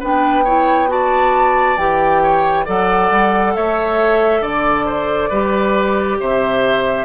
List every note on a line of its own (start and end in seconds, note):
0.00 1.78 B3
0.00 0.44 D4
0.00 0.44 B4
0.00 0.90 G5
0.44 0.87 E4
0.44 0.88 C#5
0.87 1.76 F#4
0.87 2.22 D5
0.87 1.77 A5
1.77 2.66 E3
1.77 2.66 G4
1.77 2.66 G5
2.22 2.65 C#5
2.65 3.11 F#3
2.65 5.31 A4
2.65 3.53 D5
2.65 3.55 F#5
3.11 3.55 G3
3.55 4.41 A3
3.55 4.42 C#5
3.55 4.43 E5
4.41 5.29 D3
4.41 4.85 D5
4.41 6.20 D5
4.85 5.29 C5
5.29 6.19 G3
5.29 7.05 G4
5.29 6.17 B4
6.20 7.05 C3
6.20 7.05 C5
6.20 7.05 E5